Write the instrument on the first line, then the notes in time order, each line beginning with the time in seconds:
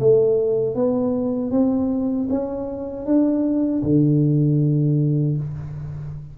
tuba
0.00 A3
0.76 B3
1.52 C4
2.30 C#4
3.06 D4
3.84 D3